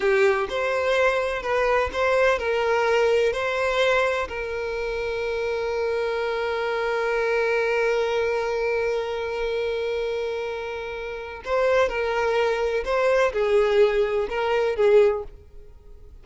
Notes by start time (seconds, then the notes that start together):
0.00 G4
0.49 C5
1.42 B4
1.92 C5
2.39 A#4
3.32 C5
4.28 A#4
11.44 C5
11.88 A#4
12.84 C5
13.32 G#4
14.29 A#4
14.76 G#4